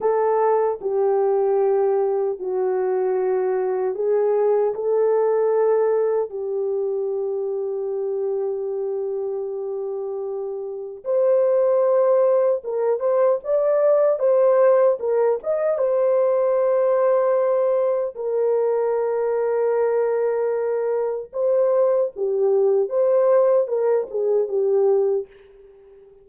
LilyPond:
\new Staff \with { instrumentName = "horn" } { \time 4/4 \tempo 4 = 76 a'4 g'2 fis'4~ | fis'4 gis'4 a'2 | g'1~ | g'2 c''2 |
ais'8 c''8 d''4 c''4 ais'8 dis''8 | c''2. ais'4~ | ais'2. c''4 | g'4 c''4 ais'8 gis'8 g'4 | }